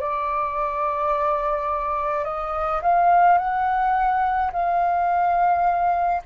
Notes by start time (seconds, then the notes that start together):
0.00 D5
2.25 D#5
2.83 F5
3.38 F#5
4.53 F5